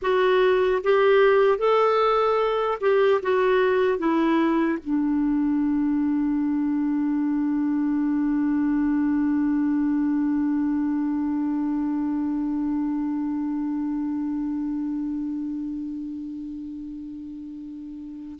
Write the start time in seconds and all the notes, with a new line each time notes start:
0.01 F#4
0.83 G4
1.58 A4
2.80 G4
3.22 F#4
3.98 E4
4.83 D4